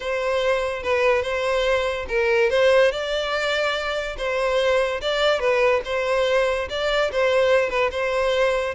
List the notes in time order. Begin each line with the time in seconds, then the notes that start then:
0.00 C5
0.83 B4
1.22 C5
2.08 A#4
2.50 C5
2.91 D5
4.17 C5
5.01 D5
5.39 B4
5.84 C5
6.69 D5
7.12 C5
7.69 B4
7.91 C5